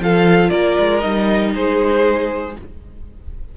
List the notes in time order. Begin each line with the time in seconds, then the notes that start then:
0.00 F3 F4 A4 F5
0.50 A#3 A#4 D5
0.79 G#3
1.00 G3 D#4 D#5
1.55 G#3 G#4 C5